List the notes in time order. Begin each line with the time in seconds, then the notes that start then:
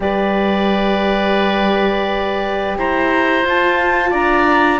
0.00 G3 G4 B4 D5
2.77 E4 C5 A#5
3.43 F4 A5
4.10 D4 D5 A#5